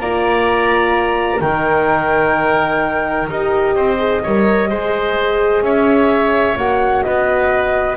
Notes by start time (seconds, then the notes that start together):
0.00 A#3 F4 D5 A#5
1.41 D#3 D#4 A#4 G5
3.29 D#4 G4 D#5
3.76 C4 C5
3.99 G#4
4.24 G3 A#4 C#5
4.70 G#3 G#4 C5
5.62 C#4 C#5 E5
6.57 A#3 F#4 F#5
7.03 B3 B4 D#5